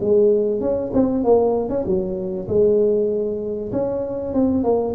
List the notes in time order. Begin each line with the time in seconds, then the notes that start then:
0.00 G#3
0.60 C#4
0.93 C4
1.23 A#3
1.69 C#4
1.85 F#3
2.47 G#3
3.71 C#4
4.33 C4
4.63 A#3